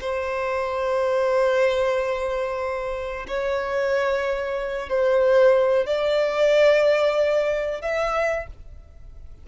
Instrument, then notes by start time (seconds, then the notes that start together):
violin
0.00 C5
3.28 C#5
4.89 C5
5.86 D5
7.81 E5